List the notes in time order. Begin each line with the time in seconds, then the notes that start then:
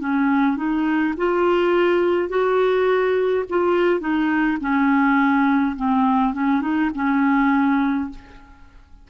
0.00 C#4
0.57 D#4
1.17 F4
2.29 F#4
3.49 F4
4.00 D#4
4.60 C#4
5.76 C4
6.34 C#4
6.61 D#4
6.94 C#4